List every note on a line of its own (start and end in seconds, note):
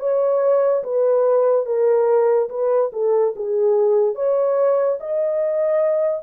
0.00 0.83 C#5
0.83 1.66 B4
1.66 2.49 A#4
2.50 2.91 B4
2.93 3.34 A4
3.36 4.16 G#4
4.16 4.99 C#5
5.00 6.23 D#5